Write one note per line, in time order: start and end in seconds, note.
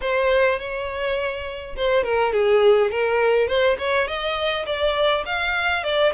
0.01 0.59 C5
0.59 1.75 C#5
1.76 2.03 C5
2.03 2.32 A#4
2.32 2.90 G#4
2.90 3.47 A#4
3.47 3.76 C5
3.78 4.07 C#5
4.07 4.65 D#5
4.66 5.24 D5
5.25 5.83 F5
5.83 6.12 D5